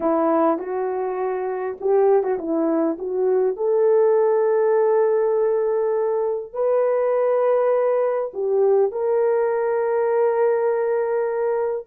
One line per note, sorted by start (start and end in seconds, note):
0.00 0.58 E4
0.58 1.77 F#4
1.80 2.23 G4
2.23 2.38 F#4
2.38 2.97 E4
2.98 3.56 F#4
3.56 6.53 A4
6.53 8.31 B4
8.33 8.91 G4
8.91 11.86 A#4